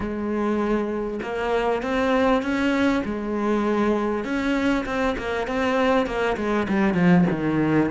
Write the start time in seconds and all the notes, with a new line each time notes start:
0.00 G#3
1.22 A#3
1.82 C4
2.42 C#4
3.04 G#3
4.24 C#4
4.85 C4
5.17 A#3
5.47 C4
6.06 A#3
6.36 G#3
6.68 G3
6.94 F3
7.30 D#3